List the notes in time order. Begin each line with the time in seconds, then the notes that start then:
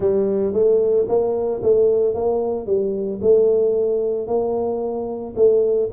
0.00 G3
0.53 A3
1.08 A#3
1.62 A3
2.14 A#3
2.66 G3
3.21 A3
4.27 A#3
5.36 A3